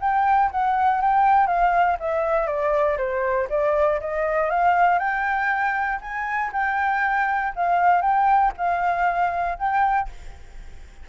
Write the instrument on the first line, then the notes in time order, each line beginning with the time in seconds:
flute
0.00 G5
0.51 F#5
1.01 G5
1.47 F5
2.00 E5
2.47 D5
2.97 C5
3.50 D5
4.01 D#5
4.50 F5
4.99 G5
6.01 G#5
6.53 G5
7.55 F5
8.02 G5
8.57 F5
9.58 G5